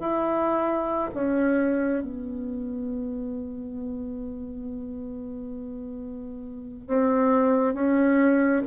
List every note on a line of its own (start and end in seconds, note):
0.00 1.10 E4
1.15 2.03 C#4
2.03 6.88 B3
6.88 7.74 C4
7.74 8.62 C#4